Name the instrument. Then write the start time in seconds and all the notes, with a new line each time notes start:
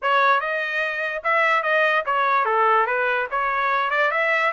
trumpet
0.02 C#5
0.40 D#5
1.23 E5
1.62 D#5
2.05 C#5
2.45 A4
2.86 B4
3.30 C#5
3.90 D5
4.11 E5